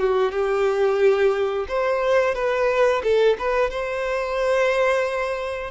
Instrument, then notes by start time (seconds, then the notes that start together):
violin
0.00 F#4
0.32 G4
1.69 C5
2.35 B4
3.04 A4
3.39 B4
3.71 C5